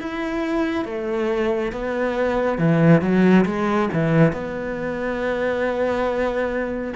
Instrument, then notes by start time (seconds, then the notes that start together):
cello
0.00 E4
0.85 A3
1.73 B3
2.58 E3
3.02 F#3
3.46 G#3
3.93 E3
4.33 B3